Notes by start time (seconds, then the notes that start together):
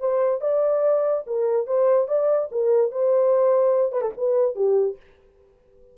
0.00 C5
0.41 D5
1.27 A#4
1.66 C5
2.08 D5
2.51 A#4
2.91 C5
3.92 B4
4.01 A4
4.17 B4
4.55 G4